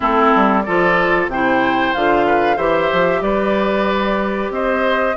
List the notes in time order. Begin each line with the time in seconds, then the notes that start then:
0.00 A3 C4 E4 A4
0.35 G3
0.62 F3 F4 A4 D5
1.27 C3 E4 C5 G5
1.93 D3 F4 F5
2.26 B4
2.56 E3 G4 C5 E5
2.92 F3
3.21 G3 B4 D5
4.50 C4 C5 D#5